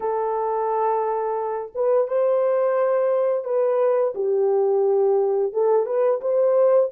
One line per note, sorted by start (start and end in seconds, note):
0.00 1.71 A4
1.74 2.07 B4
2.07 3.44 C5
3.44 4.13 B4
4.14 5.52 G4
5.52 5.86 A4
5.86 6.20 B4
6.21 6.90 C5